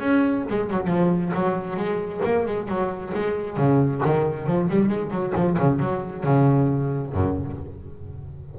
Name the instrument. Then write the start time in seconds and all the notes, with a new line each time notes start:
double bass
0.00 C#4
0.49 G#3
0.71 F#3
0.87 F3
1.35 F#3
1.77 G#3
2.24 A#3
2.46 G#3
2.68 F#3
3.15 G#3
3.57 C#3
4.05 D#3
4.47 F3
4.70 G3
4.89 G#3
5.11 F#3
5.35 F3
5.59 C#3
5.80 F#3
6.24 C#3
7.13 F#2